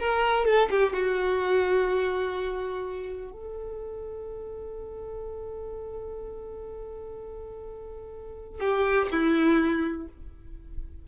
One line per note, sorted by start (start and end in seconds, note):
0.00 0.45 A#4
0.45 0.69 A4
0.70 0.93 G4
0.93 3.33 F#4
3.33 8.61 A4
8.61 9.09 G4
9.12 10.08 E4